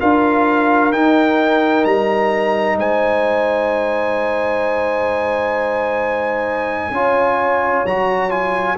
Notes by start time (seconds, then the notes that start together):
0.00 D4 F4 A#4 F5
0.92 D#4 G5
1.85 G3 A#5
2.77 G#3 C5 G#5
6.91 C#4 F4 C#5
7.85 F#3 F#4 A#5
8.30 F4 G#5